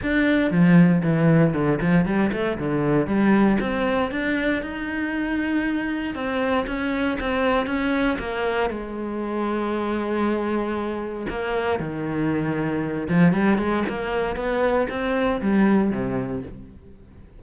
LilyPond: \new Staff \with { instrumentName = "cello" } { \time 4/4 \tempo 4 = 117 d'4 f4 e4 d8 f8 | g8 a8 d4 g4 c'4 | d'4 dis'2. | c'4 cis'4 c'4 cis'4 |
ais4 gis2.~ | gis2 ais4 dis4~ | dis4. f8 g8 gis8 ais4 | b4 c'4 g4 c4 | }